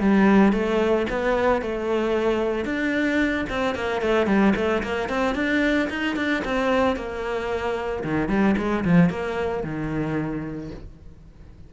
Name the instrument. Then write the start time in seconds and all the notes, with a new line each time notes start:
cello
0.00 G3
0.53 A3
1.10 B3
1.62 A3
2.65 D4
3.49 C4
3.75 A#3
4.01 A3
4.27 G3
4.56 A3
4.83 A#3
5.09 C4
5.35 D4
5.90 D#4
6.16 D4
6.45 C4
6.96 A#3
8.04 D#3
8.29 G3
8.57 G#3
8.84 F3
9.10 A#3
9.63 D#3